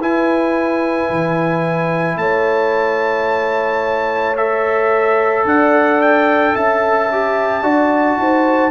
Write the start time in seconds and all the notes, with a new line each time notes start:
0.00 E4 B4 G#5
1.10 E3
2.17 A3 C#5 A5
4.37 A4 E5
5.45 D4 D5 F#5
6.01 G5
6.55 C#4 E5 A5
7.12 G4
7.63 D4 F#4 D5
8.18 D#4 C5